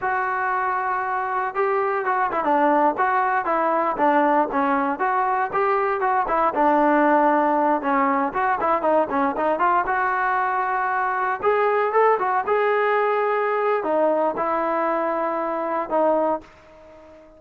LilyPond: \new Staff \with { instrumentName = "trombone" } { \time 4/4 \tempo 4 = 117 fis'2. g'4 | fis'8 e'16 d'4 fis'4 e'4 d'16~ | d'8. cis'4 fis'4 g'4 fis'16~ | fis'16 e'8 d'2~ d'8 cis'8.~ |
cis'16 fis'8 e'8 dis'8 cis'8 dis'8 f'8 fis'8.~ | fis'2~ fis'16 gis'4 a'8 fis'16~ | fis'16 gis'2~ gis'8. dis'4 | e'2. dis'4 | }